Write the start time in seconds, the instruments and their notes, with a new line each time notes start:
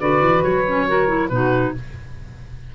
0.00 tuba D3, clarinet F#4, saxophone B4, oboe D5
0.21 tuba E3
0.44 tuba F#3, oboe C#5
0.67 clarinet C#4
0.87 clarinet F#4, saxophone A#4
1.08 clarinet E4
1.29 tuba B2, clarinet D#4, saxophone F#4, oboe B4